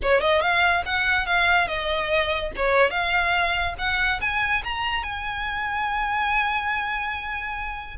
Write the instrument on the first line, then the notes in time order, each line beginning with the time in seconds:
violin
0.02 C#5
0.20 D#5
0.41 F5
0.85 F#5
1.26 F5
1.67 D#5
2.56 C#5
2.90 F5
3.78 F#5
4.20 G#5
4.64 A#5
5.03 G#5